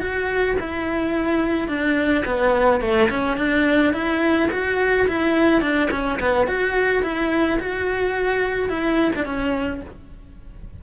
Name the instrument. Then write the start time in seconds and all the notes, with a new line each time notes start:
cello
0.00 F#4
0.60 E4
1.68 D4
2.25 B3
2.81 A3
3.10 C#4
3.37 D4
3.93 E4
4.51 F#4
5.08 E4
5.61 D4
5.91 C#4
6.20 B3
6.47 F#4
7.03 E4
7.60 F#4
8.69 E4
9.16 D4
9.25 C#4